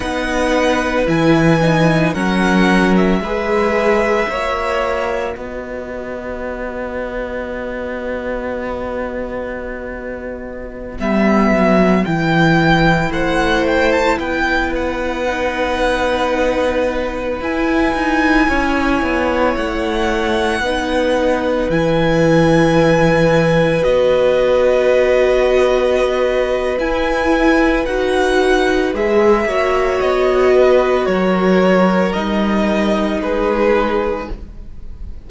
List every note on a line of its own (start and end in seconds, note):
0.00 1.06 B3
0.00 1.06 D#4
0.00 2.12 B4
0.00 1.07 F#5
1.06 2.14 E3
1.06 1.60 E4
1.06 2.14 G#5
1.61 2.14 D#4
2.12 3.19 F#3
2.12 3.21 C#4
2.12 3.20 A#4
2.12 2.94 F#5
2.96 5.35 E5
3.19 4.27 G#3
3.19 4.28 G#4
3.19 4.29 B4
4.28 5.35 A#3
4.28 10.98 F#4
4.28 5.34 C#5
5.34 10.99 B3
5.34 13.10 B4
5.34 10.98 D#5
10.98 11.50 G3
10.98 12.06 B3
10.98 12.04 E5
11.50 12.04 F#3
12.04 13.10 E3
12.04 15.26 E4
12.04 13.11 G5
13.10 14.17 A3
13.10 14.17 C5
13.10 13.66 F#5
13.67 13.92 G5
13.92 14.19 A5
14.18 17.39 B3
14.18 18.47 B4
14.18 14.72 G5
14.75 17.42 F#5
15.26 17.40 D#4
17.40 17.93 E4
17.40 20.63 E4
17.40 19.56 G#5
17.94 18.47 D#4
18.48 19.02 C#4
18.48 20.62 C#5
19.02 19.55 B3
19.56 20.60 A3
19.56 21.70 F#5
20.60 21.67 B3
20.60 21.70 D#4
20.60 29.46 B4
21.69 23.83 E3
21.69 23.83 E4
21.69 23.83 G#5
23.83 26.78 B3
23.83 26.77 F#4
23.83 26.77 D#5
26.78 27.85 E4
26.78 27.85 G#5
27.85 28.93 D#4
27.85 28.94 F#4
27.85 28.92 F#5
28.93 29.45 G#3
28.93 29.48 G#4
28.93 30.00 E5
29.45 29.99 A#3
29.45 32.13 F#4
29.45 30.53 C#5
30.00 31.06 B3
30.00 31.05 D#5
30.54 31.07 B4
31.05 32.13 F#3
31.05 33.22 A#4
31.05 32.12 C#5
32.12 33.20 G3
32.12 34.27 D#4
32.12 33.19 D#5
33.20 34.27 G#3
33.20 34.30 G#4
33.20 34.28 B4